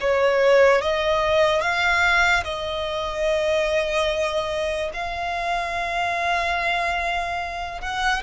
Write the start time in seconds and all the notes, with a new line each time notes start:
0.00 C#5
0.81 D#5
1.61 F5
2.44 D#5
4.94 F5
7.81 F#5